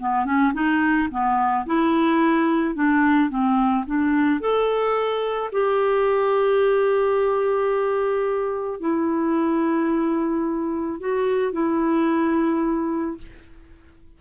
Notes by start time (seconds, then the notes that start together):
0.00 B3
0.25 C#4
0.54 D#4
1.11 B3
1.66 E4
2.75 D4
3.30 C4
3.86 D4
4.41 A4
5.52 G4
8.80 E4
11.00 F#4
11.53 E4